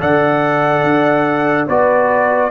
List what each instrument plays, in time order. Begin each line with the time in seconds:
0.00 tuba D3, trombone A4, horn D5, trumpet F#5
0.84 tuba D4
1.68 tuba B3, trombone F#4, horn B4, trumpet D5